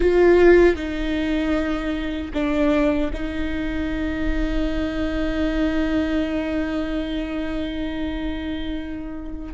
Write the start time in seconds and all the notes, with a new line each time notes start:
0.00 F4
0.75 D#4
2.33 D4
3.13 D#4